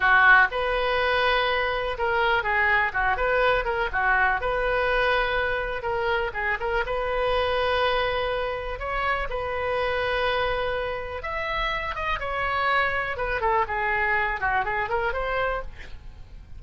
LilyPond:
\new Staff \with { instrumentName = "oboe" } { \time 4/4 \tempo 4 = 123 fis'4 b'2. | ais'4 gis'4 fis'8 b'4 ais'8 | fis'4 b'2. | ais'4 gis'8 ais'8 b'2~ |
b'2 cis''4 b'4~ | b'2. e''4~ | e''8 dis''8 cis''2 b'8 a'8 | gis'4. fis'8 gis'8 ais'8 c''4 | }